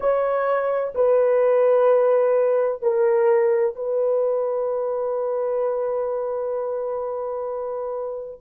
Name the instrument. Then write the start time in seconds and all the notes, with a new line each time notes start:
horn
0.00 C#5
0.94 B4
2.81 A#4
3.75 B4